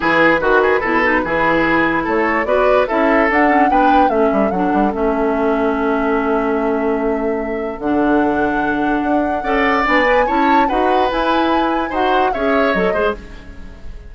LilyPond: <<
  \new Staff \with { instrumentName = "flute" } { \time 4/4 \tempo 4 = 146 b'1~ | b'4 cis''4 d''4 e''4 | fis''4 g''4 e''4 fis''4 | e''1~ |
e''2. fis''4~ | fis''1 | gis''4 a''4 fis''4 gis''4~ | gis''4 fis''4 e''4 dis''4 | }
  \new Staff \with { instrumentName = "oboe" } { \time 4/4 gis'4 fis'8 gis'8 a'4 gis'4~ | gis'4 a'4 b'4 a'4~ | a'4 b'4 a'2~ | a'1~ |
a'1~ | a'2. d''4~ | d''4 cis''4 b'2~ | b'4 c''4 cis''4. c''8 | }
  \new Staff \with { instrumentName = "clarinet" } { \time 4/4 e'4 fis'4 e'8 dis'8 e'4~ | e'2 fis'4 e'4 | d'8 cis'8 d'4 cis'4 d'4 | cis'1~ |
cis'2. d'4~ | d'2. a'4 | d'8 b'8 e'4 fis'4 e'4~ | e'4 fis'4 gis'4 a'8 gis'8 | }
  \new Staff \with { instrumentName = "bassoon" } { \time 4/4 e4 dis4 b,4 e4~ | e4 a4 b4 cis'4 | d'4 b4 a8 g8 fis8 g8 | a1~ |
a2. d4~ | d2 d'4 cis'4 | b4 cis'4 dis'4 e'4~ | e'4 dis'4 cis'4 fis8 gis8 | }
>>